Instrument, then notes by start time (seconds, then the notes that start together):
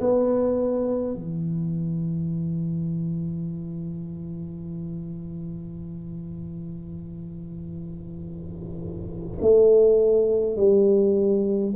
tuba
0.00 B3
1.14 E3
9.41 A3
10.56 G3